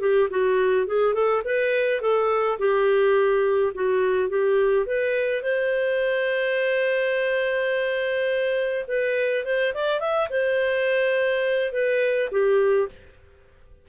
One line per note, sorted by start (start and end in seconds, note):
0.00 0.29 G4
0.30 0.87 F#4
0.87 1.14 G#4
1.14 1.42 A4
1.44 2.01 B4
2.01 2.58 A4
2.58 3.73 G4
3.74 4.29 F#4
4.29 4.86 G4
4.86 5.42 B4
5.42 8.85 C5
8.88 9.45 B4
9.45 9.73 C5
9.74 10.00 D5
10.00 10.28 E5
10.29 11.72 C5
11.72 12.29 B4
12.31 12.88 G4